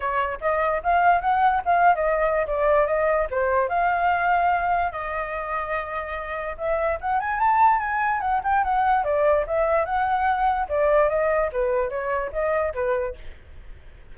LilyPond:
\new Staff \with { instrumentName = "flute" } { \time 4/4 \tempo 4 = 146 cis''4 dis''4 f''4 fis''4 | f''8. dis''4~ dis''16 d''4 dis''4 | c''4 f''2. | dis''1 |
e''4 fis''8 gis''8 a''4 gis''4 | fis''8 g''8 fis''4 d''4 e''4 | fis''2 d''4 dis''4 | b'4 cis''4 dis''4 b'4 | }